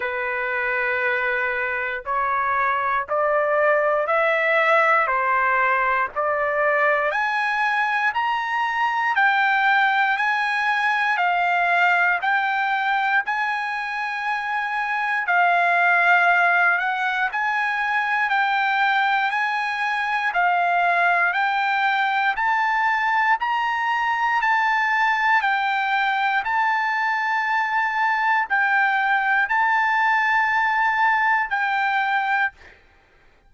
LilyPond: \new Staff \with { instrumentName = "trumpet" } { \time 4/4 \tempo 4 = 59 b'2 cis''4 d''4 | e''4 c''4 d''4 gis''4 | ais''4 g''4 gis''4 f''4 | g''4 gis''2 f''4~ |
f''8 fis''8 gis''4 g''4 gis''4 | f''4 g''4 a''4 ais''4 | a''4 g''4 a''2 | g''4 a''2 g''4 | }